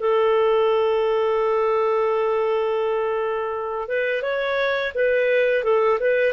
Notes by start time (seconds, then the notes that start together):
0.00 A4
3.89 B4
4.22 C#5
4.95 B4
5.64 A4
6.00 B4